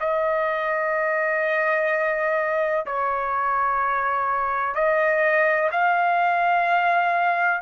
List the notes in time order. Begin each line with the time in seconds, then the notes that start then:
0.00 D#5
2.86 C#5
4.75 D#5
5.71 F5